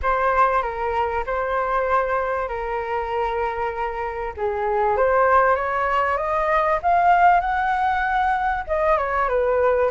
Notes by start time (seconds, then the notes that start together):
0.02 C5
0.62 A#4
1.26 C5
2.48 A#4
4.36 G#4
4.97 C5
5.55 C#5
6.17 D#5
6.82 F5
7.40 F#5
8.67 D#5
8.97 C#5
9.28 B4